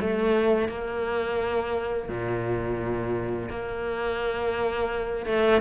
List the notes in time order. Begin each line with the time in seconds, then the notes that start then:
0.00 A3
0.68 A#3
2.09 A#2
3.49 A#3
5.26 A3